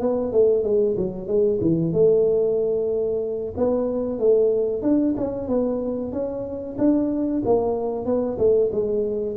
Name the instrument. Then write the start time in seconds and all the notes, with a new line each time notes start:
tuba
0.00 B3
0.32 A3
0.63 G#3
0.97 F#3
1.27 G#3
1.61 E3
1.93 A3
3.57 B3
4.19 A3
4.82 D4
5.17 C#4
5.48 B3
6.12 C#4
6.78 D4
7.45 A#3
8.05 B3
8.38 A3
8.72 G#3